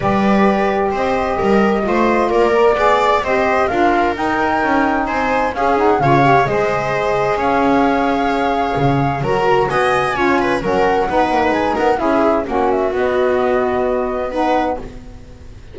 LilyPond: <<
  \new Staff \with { instrumentName = "flute" } { \time 4/4 \tempo 4 = 130 d''2 dis''2~ | dis''4 d''2 dis''4 | f''4 g''2 gis''4 | f''8 fis''8 f''4 dis''2 |
f''1 | ais''4 gis''2 fis''4~ | fis''4 gis''8 fis''8 e''4 fis''8 e''8 | dis''2. fis''4 | }
  \new Staff \with { instrumentName = "viola" } { \time 4/4 b'2 c''4 ais'4 | c''4 ais'4 d''4 c''4 | ais'2. c''4 | gis'4 cis''4 c''2 |
cis''1 | ais'4 dis''4 cis''8 b'8 ais'4 | b'4. ais'8 gis'4 fis'4~ | fis'2. b'4 | }
  \new Staff \with { instrumentName = "saxophone" } { \time 4/4 g'1 | f'4. ais'8 gis'4 g'4 | f'4 dis'2. | cis'8 dis'8 f'8 g'8 gis'2~ |
gis'1 | fis'2 f'4 cis'4 | dis'2 e'4 cis'4 | b2. dis'4 | }
  \new Staff \with { instrumentName = "double bass" } { \time 4/4 g2 c'4 g4 | a4 ais4 b4 c'4 | d'4 dis'4 cis'4 c'4 | cis'4 cis4 gis2 |
cis'2. cis4 | fis4 b4 cis'4 fis4 | b8 ais8 gis8 b8 cis'4 ais4 | b1 | }
>>